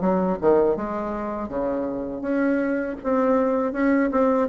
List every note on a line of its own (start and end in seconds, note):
0.00 0.38 F#3
0.41 0.76 D#3
0.76 1.48 G#3
1.48 2.21 C#3
2.21 2.96 C#4
3.03 3.72 C4
3.72 4.10 C#4
4.11 4.48 C4